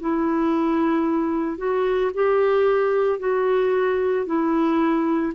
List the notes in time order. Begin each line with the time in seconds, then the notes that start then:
0.00 E4
1.57 F#4
2.13 G4
3.19 F#4
4.26 E4